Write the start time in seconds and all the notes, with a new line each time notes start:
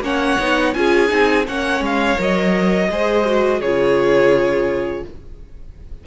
0.00 A#3 C#4 C#5 F#5
0.39 B3 D#4
0.74 C#4 F4 G#4 G#5
1.08 C4 D#4
1.46 A#3 C#4 C#5 F#5
1.80 G#3 F5
2.17 F#3 A#4 D#5
2.89 G#3 G#4 C5
3.25 F#4
3.60 C#3 F4 G#4 C#5